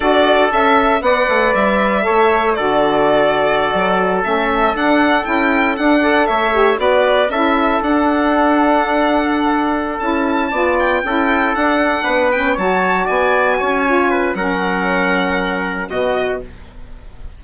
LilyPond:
<<
  \new Staff \with { instrumentName = "violin" } { \time 4/4 \tempo 4 = 117 d''4 e''4 fis''4 e''4~ | e''4 d''2.~ | d''16 e''4 fis''4 g''4 fis''8.~ | fis''16 e''4 d''4 e''4 fis''8.~ |
fis''2.~ fis''8 a''8~ | a''4 g''4. fis''4. | g''8 a''4 gis''2~ gis''8 | fis''2. dis''4 | }
  \new Staff \with { instrumentName = "trumpet" } { \time 4/4 a'2 d''2 | cis''4 a'2.~ | a'2.~ a'8. d''16~ | d''16 cis''4 b'4 a'4.~ a'16~ |
a'1~ | a'8 d''4 a'2 b'8~ | b'8 cis''4 d''4 cis''4 b'8 | ais'2. fis'4 | }
  \new Staff \with { instrumentName = "saxophone" } { \time 4/4 fis'4 a'4 b'2 | a'4 fis'2.~ | fis'16 cis'4 d'4 e'4 d'8 a'16~ | a'8. g'8 fis'4 e'4 d'8.~ |
d'2.~ d'8 e'8~ | e'8 f'4 e'4 d'4. | cis'8 fis'2~ fis'8 f'4 | cis'2. b4 | }
  \new Staff \with { instrumentName = "bassoon" } { \time 4/4 d'4 cis'4 b8 a8 g4 | a4 d2~ d16 fis8.~ | fis16 a4 d'4 cis'4 d'8.~ | d'16 a4 b4 cis'4 d'8.~ |
d'2.~ d'8 cis'8~ | cis'8 b4 cis'4 d'4 b8~ | b8 fis4 b4 cis'4. | fis2. b,4 | }
>>